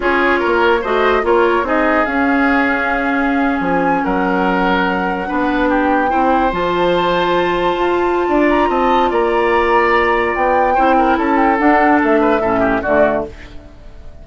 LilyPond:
<<
  \new Staff \with { instrumentName = "flute" } { \time 4/4 \tempo 4 = 145 cis''2 dis''4 cis''4 | dis''4 f''2.~ | f''8. gis''4 fis''2~ fis''16~ | fis''4.~ fis''16 g''2 a''16~ |
a''1~ | a''8 ais''8 a''4 ais''2~ | ais''4 g''2 a''8 g''8 | fis''4 e''2 d''4 | }
  \new Staff \with { instrumentName = "oboe" } { \time 4/4 gis'4 ais'4 c''4 ais'4 | gis'1~ | gis'4.~ gis'16 ais'2~ ais'16~ | ais'8. b'4 g'4 c''4~ c''16~ |
c''1 | d''4 dis''4 d''2~ | d''2 c''8 ais'8 a'4~ | a'4. b'8 a'8 g'8 fis'4 | }
  \new Staff \with { instrumentName = "clarinet" } { \time 4/4 f'2 fis'4 f'4 | dis'4 cis'2.~ | cis'1~ | cis'8. d'2 e'4 f'16~ |
f'1~ | f'1~ | f'2 e'2 | d'2 cis'4 a4 | }
  \new Staff \with { instrumentName = "bassoon" } { \time 4/4 cis'4 ais4 a4 ais4 | c'4 cis'2.~ | cis'8. f4 fis2~ fis16~ | fis8. b2 c'4 f16~ |
f2~ f8. f'4~ f'16 | d'4 c'4 ais2~ | ais4 b4 c'4 cis'4 | d'4 a4 a,4 d4 | }
>>